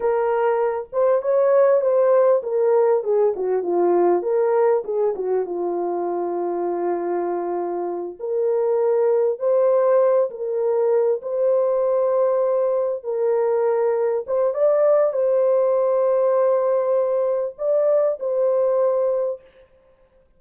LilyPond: \new Staff \with { instrumentName = "horn" } { \time 4/4 \tempo 4 = 99 ais'4. c''8 cis''4 c''4 | ais'4 gis'8 fis'8 f'4 ais'4 | gis'8 fis'8 f'2.~ | f'4. ais'2 c''8~ |
c''4 ais'4. c''4.~ | c''4. ais'2 c''8 | d''4 c''2.~ | c''4 d''4 c''2 | }